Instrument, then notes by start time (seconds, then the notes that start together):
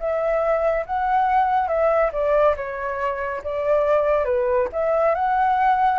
flute
0.00 E5
0.86 F#5
1.68 E5
2.13 D5
2.57 C#5
3.44 D5
4.25 B4
4.73 E5
5.15 F#5